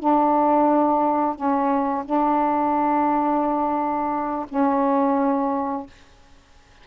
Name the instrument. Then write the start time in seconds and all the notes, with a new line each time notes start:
saxophone
0.00 D4
1.36 C#4
2.05 D4
4.49 C#4